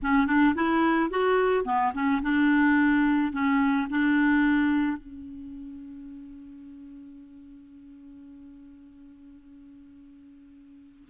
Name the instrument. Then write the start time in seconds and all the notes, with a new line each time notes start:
clarinet
0.02 C#4
0.27 D4
0.55 E4
1.10 F#4
1.65 B3
1.93 C#4
2.22 D4
3.32 C#4
3.89 D4
4.97 C#4